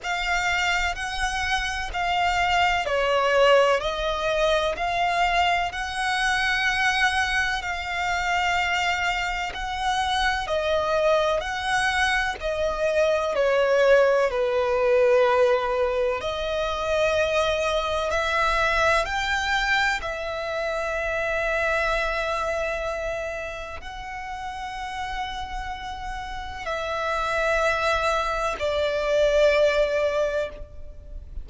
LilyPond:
\new Staff \with { instrumentName = "violin" } { \time 4/4 \tempo 4 = 63 f''4 fis''4 f''4 cis''4 | dis''4 f''4 fis''2 | f''2 fis''4 dis''4 | fis''4 dis''4 cis''4 b'4~ |
b'4 dis''2 e''4 | g''4 e''2.~ | e''4 fis''2. | e''2 d''2 | }